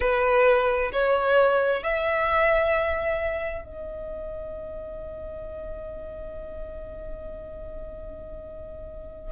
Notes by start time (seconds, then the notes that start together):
0.00 B4
0.92 C#5
1.83 E5
3.64 D#5